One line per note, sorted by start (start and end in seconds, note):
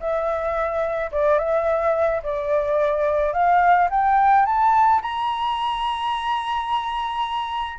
0.00 1.11 E5
1.12 1.39 D5
1.39 2.22 E5
2.23 3.33 D5
3.33 3.89 F5
3.91 4.46 G5
4.46 5.02 A5
5.02 7.79 A#5